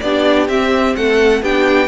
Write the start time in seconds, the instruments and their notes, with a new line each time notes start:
0.00 cello B3, viola D4, violin G4 D5
0.47 cello C4, viola C4, violin E5
0.95 cello A3, violin A4 F#5
1.42 cello B3, viola D4, violin G4 G5